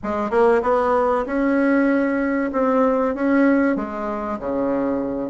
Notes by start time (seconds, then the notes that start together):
0.03 G#3
0.30 A#3
0.62 B3
1.26 C#4
2.52 C4
3.14 C#4
3.76 G#3
4.39 C#3